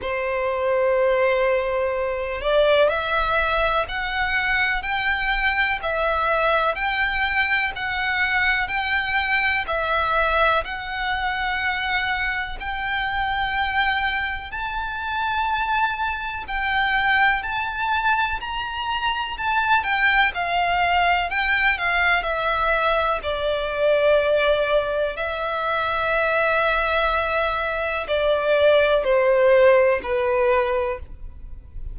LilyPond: \new Staff \with { instrumentName = "violin" } { \time 4/4 \tempo 4 = 62 c''2~ c''8 d''8 e''4 | fis''4 g''4 e''4 g''4 | fis''4 g''4 e''4 fis''4~ | fis''4 g''2 a''4~ |
a''4 g''4 a''4 ais''4 | a''8 g''8 f''4 g''8 f''8 e''4 | d''2 e''2~ | e''4 d''4 c''4 b'4 | }